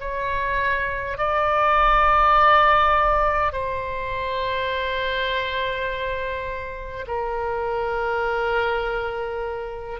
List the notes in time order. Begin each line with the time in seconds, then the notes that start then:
0.00 C#5
1.18 D5
3.52 C5
7.07 A#4